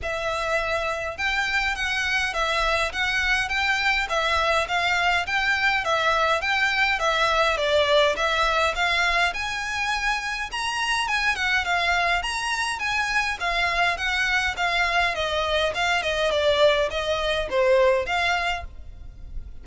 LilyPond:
\new Staff \with { instrumentName = "violin" } { \time 4/4 \tempo 4 = 103 e''2 g''4 fis''4 | e''4 fis''4 g''4 e''4 | f''4 g''4 e''4 g''4 | e''4 d''4 e''4 f''4 |
gis''2 ais''4 gis''8 fis''8 | f''4 ais''4 gis''4 f''4 | fis''4 f''4 dis''4 f''8 dis''8 | d''4 dis''4 c''4 f''4 | }